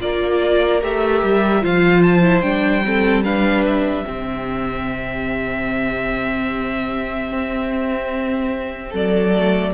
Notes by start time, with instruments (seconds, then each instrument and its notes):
0.00 cello A#3, viola F4, violin A#4 D5
0.81 cello A3, viola G4, violin E5
1.22 cello G3
1.61 cello F3, viola F4, violin C5 F5
2.02 violin A5
2.21 viola E4
2.41 cello G3, viola D4, violin G5
2.84 viola C4, violin A4
3.24 viola D4, violin B4 F5
3.66 violin E5
4.04 cello C3, viola C4, violin G4
7.31 cello C4
8.90 cello F#3, violin A4 D5
9.34 viola A3